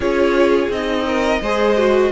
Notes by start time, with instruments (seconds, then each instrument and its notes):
0.00 cello C#4, viola F4, violin G#4 C#5
0.69 cello C4, viola D#4, violin D#5
1.06 violin A#4
1.41 cello G#3, viola G#4, violin C5
1.77 viola F#4